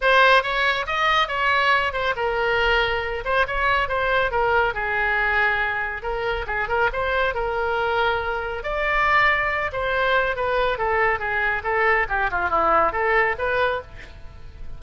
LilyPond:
\new Staff \with { instrumentName = "oboe" } { \time 4/4 \tempo 4 = 139 c''4 cis''4 dis''4 cis''4~ | cis''8 c''8 ais'2~ ais'8 c''8 | cis''4 c''4 ais'4 gis'4~ | gis'2 ais'4 gis'8 ais'8 |
c''4 ais'2. | d''2~ d''8 c''4. | b'4 a'4 gis'4 a'4 | g'8 f'8 e'4 a'4 b'4 | }